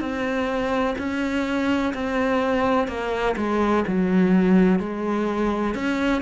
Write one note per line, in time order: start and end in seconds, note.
0.00 0.95 C4
0.98 1.93 C#4
1.94 2.87 C4
2.87 3.35 A#3
3.36 3.84 G#3
3.87 4.79 F#3
4.79 5.74 G#3
5.74 6.22 C#4